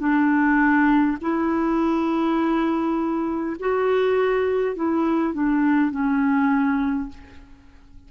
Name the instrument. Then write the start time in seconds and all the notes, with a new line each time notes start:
clarinet
0.00 D4
1.21 E4
3.60 F#4
4.76 E4
5.34 D4
5.91 C#4